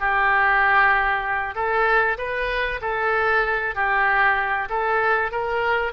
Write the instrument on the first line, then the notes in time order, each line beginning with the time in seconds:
oboe
0.00 G4
1.55 A4
2.18 B4
2.82 A4
3.75 G4
4.70 A4
5.31 A#4